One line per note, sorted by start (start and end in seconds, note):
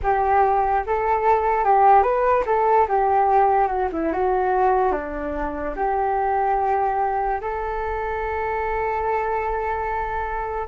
0.02 0.84 G4
0.86 1.64 A4
1.64 2.02 G4
2.02 2.44 B4
2.45 2.87 A4
2.88 3.67 G4
3.67 3.88 F#4
3.92 4.12 E4
4.12 4.92 F#4
4.92 5.74 D4
5.76 7.40 G4
7.40 10.67 A4